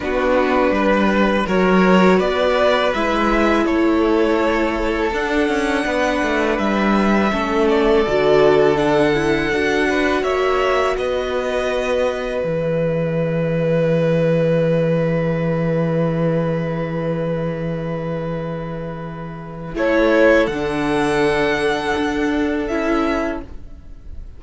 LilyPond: <<
  \new Staff \with { instrumentName = "violin" } { \time 4/4 \tempo 4 = 82 b'2 cis''4 d''4 | e''4 cis''2 fis''4~ | fis''4 e''4. d''4. | fis''2 e''4 dis''4~ |
dis''4 e''2.~ | e''1~ | e''2. cis''4 | fis''2. e''4 | }
  \new Staff \with { instrumentName = "violin" } { \time 4/4 fis'4 b'4 ais'4 b'4~ | b'4 a'2. | b'2 a'2~ | a'4. b'8 cis''4 b'4~ |
b'1~ | b'1~ | b'2. a'4~ | a'1 | }
  \new Staff \with { instrumentName = "viola" } { \time 4/4 d'2 fis'2 | e'2. d'4~ | d'2 cis'4 fis'4 | d'8 e'8 fis'2.~ |
fis'4 gis'2.~ | gis'1~ | gis'2. e'4 | d'2. e'4 | }
  \new Staff \with { instrumentName = "cello" } { \time 4/4 b4 g4 fis4 b4 | gis4 a2 d'8 cis'8 | b8 a8 g4 a4 d4~ | d4 d'4 ais4 b4~ |
b4 e2.~ | e1~ | e2. a4 | d2 d'4 cis'4 | }
>>